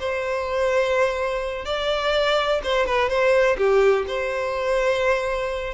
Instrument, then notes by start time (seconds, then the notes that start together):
violin
0.00 C5
1.66 D5
2.64 C5
2.87 B4
3.10 C5
3.58 G4
4.08 C5